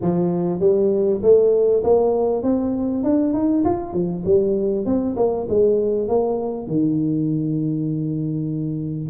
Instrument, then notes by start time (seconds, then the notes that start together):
tuba
0.01 F3
0.60 G3
1.22 A3
1.83 A#3
2.42 C4
3.03 D4
3.33 D#4
3.64 F4
3.93 F3
4.25 G3
4.85 C4
5.16 A#3
5.48 G#3
6.08 A#3
6.67 D#3